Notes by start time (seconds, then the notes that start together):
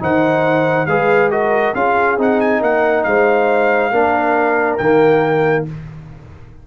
0.00 D#3 D#4 C5 F#5
0.87 G#3 G#4 B4 F5
1.31 F#4 A#4 D#5
1.75 C#4 F4 G#4 F5
2.18 C4 D#4 F#5
2.41 G#5
2.61 A#3 A#4 F#5
3.04 G#3 C5 F5
3.92 A#3 D4 A#4
4.78 D#3 A#3 G5